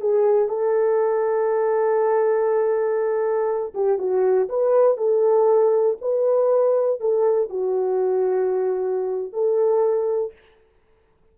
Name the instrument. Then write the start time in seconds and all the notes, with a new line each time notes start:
horn
0.00 G#4
0.48 A4
3.74 G4
3.98 F#4
4.49 B4
4.97 A4
6.01 B4
7.00 A4
7.49 F#4
9.33 A4